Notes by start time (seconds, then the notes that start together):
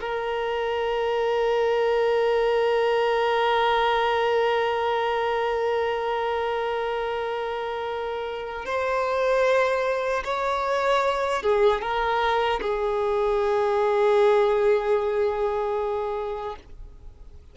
0.00 A#4
8.65 C5
10.24 C#5
11.42 G#4
11.81 A#4
12.61 G#4